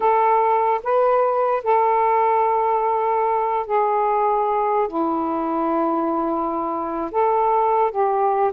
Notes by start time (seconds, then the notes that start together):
0.00 A4
0.83 B4
1.63 A4
3.66 G#4
4.88 E4
7.11 A4
7.91 G4